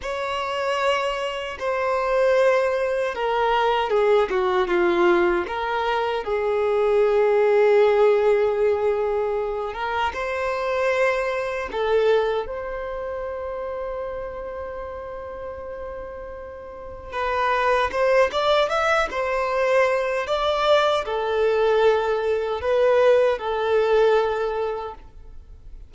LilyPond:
\new Staff \with { instrumentName = "violin" } { \time 4/4 \tempo 4 = 77 cis''2 c''2 | ais'4 gis'8 fis'8 f'4 ais'4 | gis'1~ | gis'8 ais'8 c''2 a'4 |
c''1~ | c''2 b'4 c''8 d''8 | e''8 c''4. d''4 a'4~ | a'4 b'4 a'2 | }